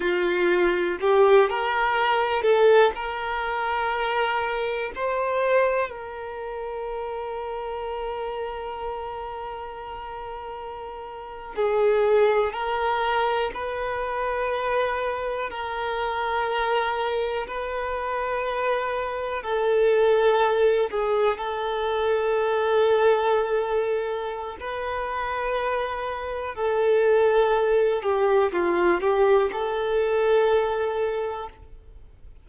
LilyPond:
\new Staff \with { instrumentName = "violin" } { \time 4/4 \tempo 4 = 61 f'4 g'8 ais'4 a'8 ais'4~ | ais'4 c''4 ais'2~ | ais'2.~ ais'8. gis'16~ | gis'8. ais'4 b'2 ais'16~ |
ais'4.~ ais'16 b'2 a'16~ | a'4~ a'16 gis'8 a'2~ a'16~ | a'4 b'2 a'4~ | a'8 g'8 f'8 g'8 a'2 | }